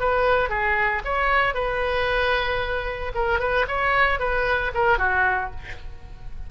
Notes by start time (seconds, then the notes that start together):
0.00 B4
0.50 G#4
1.05 C#5
1.54 B4
3.15 A#4
3.39 B4
3.68 C#5
4.19 B4
4.74 A#4
4.98 F#4